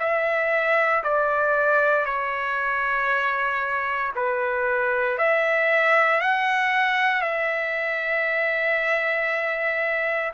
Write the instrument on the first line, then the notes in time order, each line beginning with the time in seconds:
trumpet
0.00 E5
1.04 D5
2.06 C#5
4.16 B4
5.18 E5
6.21 F#5
7.22 E5